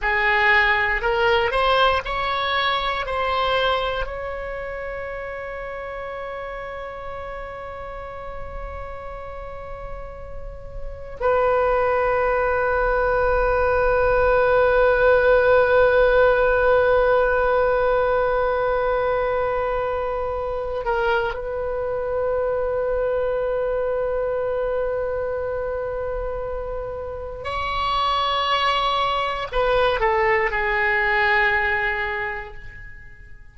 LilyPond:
\new Staff \with { instrumentName = "oboe" } { \time 4/4 \tempo 4 = 59 gis'4 ais'8 c''8 cis''4 c''4 | cis''1~ | cis''2. b'4~ | b'1~ |
b'1~ | b'8 ais'8 b'2.~ | b'2. cis''4~ | cis''4 b'8 a'8 gis'2 | }